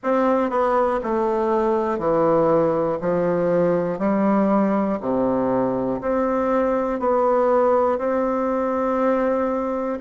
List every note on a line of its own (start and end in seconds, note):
0.03 0.50 C4
0.50 1.00 B3
1.03 1.98 A3
1.98 2.98 E3
3.00 3.99 F3
3.99 4.99 G3
5.00 6.00 C3
6.01 6.99 C4
6.99 7.98 B3
7.98 9.98 C4